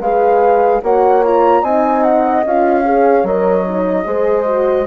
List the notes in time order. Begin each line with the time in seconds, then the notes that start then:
0.00 G#3 G#4 B4 F5
0.83 A#3 F#4 C#5 F#5
1.24 F4 A#5
1.62 C4 D#4 D#5 G#5
2.03 F#5
2.45 C#4 F4 F5
2.85 G#4 C#5
3.24 F#3 A#4 D#5
3.67 D#4
4.05 G#3 G#4 C5
4.46 F#4